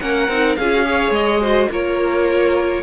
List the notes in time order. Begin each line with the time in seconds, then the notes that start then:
0.00 A#3 C#4 A#4 F#5
0.28 C4 D#4
0.56 C#4 F4 G#4 F5
0.74 F#4
0.85 G#4 C#5
1.10 G#3 D#5
1.41 F#4 C5
1.71 A#3 F4 A#4 C#5